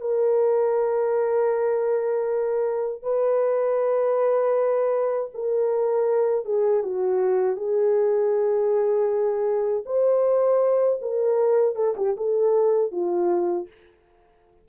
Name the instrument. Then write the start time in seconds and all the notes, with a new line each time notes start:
horn
0.00 A#4
3.02 B4
5.34 A#4
6.45 G#4
6.83 F#4
7.56 G#4
9.85 C5
11.01 A#4
11.75 A4
11.97 G4
12.17 A4
12.91 F4